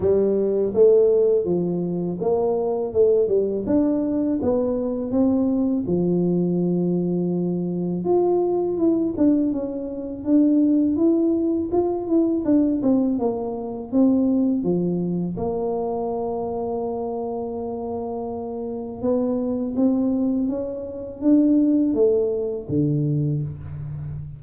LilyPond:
\new Staff \with { instrumentName = "tuba" } { \time 4/4 \tempo 4 = 82 g4 a4 f4 ais4 | a8 g8 d'4 b4 c'4 | f2. f'4 | e'8 d'8 cis'4 d'4 e'4 |
f'8 e'8 d'8 c'8 ais4 c'4 | f4 ais2.~ | ais2 b4 c'4 | cis'4 d'4 a4 d4 | }